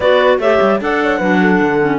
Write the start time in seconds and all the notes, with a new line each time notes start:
0.00 B3 F#4 B4 D5
0.39 A3 G4 C#5 E5
0.61 G3
0.80 D4 A4 D5 F#5
1.03 C#5
1.17 F#3 D4 B4
1.40 A4
1.61 D3
1.80 C#4